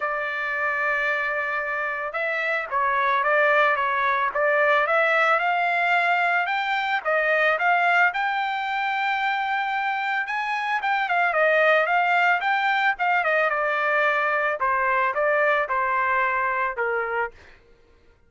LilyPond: \new Staff \with { instrumentName = "trumpet" } { \time 4/4 \tempo 4 = 111 d''1 | e''4 cis''4 d''4 cis''4 | d''4 e''4 f''2 | g''4 dis''4 f''4 g''4~ |
g''2. gis''4 | g''8 f''8 dis''4 f''4 g''4 | f''8 dis''8 d''2 c''4 | d''4 c''2 ais'4 | }